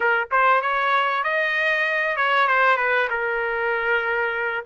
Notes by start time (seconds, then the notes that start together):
0.00 A#4
0.31 C5
0.61 C#5
1.23 D#5
2.16 C#5
2.47 C5
2.77 B4
3.10 A#4